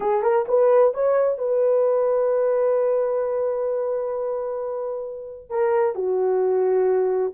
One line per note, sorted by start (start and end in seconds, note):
0.00 0.22 G#4
0.22 0.45 A#4
0.48 0.93 B4
0.94 1.37 C#5
1.37 5.49 B4
5.49 5.95 A#4
5.95 7.32 F#4